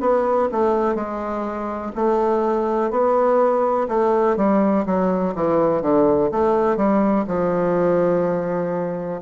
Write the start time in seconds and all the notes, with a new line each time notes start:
0.00 B3
0.52 A3
0.95 G#3
1.95 A3
2.90 B3
3.88 A3
4.36 G3
4.86 F#3
5.35 E3
5.82 D3
6.31 A3
6.76 G3
7.27 F3